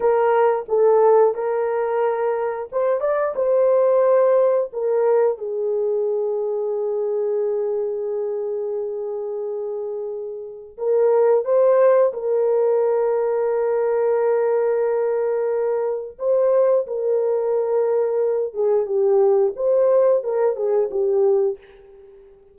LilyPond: \new Staff \with { instrumentName = "horn" } { \time 4/4 \tempo 4 = 89 ais'4 a'4 ais'2 | c''8 d''8 c''2 ais'4 | gis'1~ | gis'1 |
ais'4 c''4 ais'2~ | ais'1 | c''4 ais'2~ ais'8 gis'8 | g'4 c''4 ais'8 gis'8 g'4 | }